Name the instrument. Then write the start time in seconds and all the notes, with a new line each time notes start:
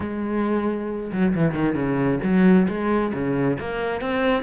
cello
0.00 G#3
1.12 F#3
1.34 E3
1.54 D#3
1.74 C#3
2.23 F#3
2.68 G#3
3.13 C#3
3.59 A#3
4.01 C4